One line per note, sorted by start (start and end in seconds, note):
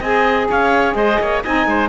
0.00 0.48 C4
0.00 1.45 G#4
0.00 0.47 D#5
0.00 0.50 G#5
0.51 0.95 C#4
0.51 0.97 C#5
0.51 0.95 F5
0.95 1.19 G#3
0.95 1.20 C5
0.95 1.42 D#5
1.20 1.44 A#3
1.20 1.44 C#5
1.44 1.67 C4
1.44 1.90 D#4
1.44 1.68 D#5
1.44 1.90 G#5
1.67 1.90 G#3
1.67 1.90 C5